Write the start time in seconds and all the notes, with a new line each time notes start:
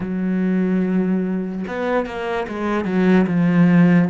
0.00 F#3
1.67 B3
2.05 A#3
2.47 G#3
2.85 F#3
3.27 F3